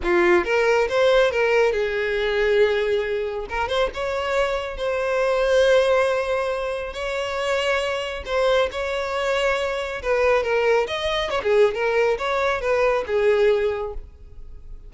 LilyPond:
\new Staff \with { instrumentName = "violin" } { \time 4/4 \tempo 4 = 138 f'4 ais'4 c''4 ais'4 | gis'1 | ais'8 c''8 cis''2 c''4~ | c''1 |
cis''2. c''4 | cis''2. b'4 | ais'4 dis''4 cis''16 gis'8. ais'4 | cis''4 b'4 gis'2 | }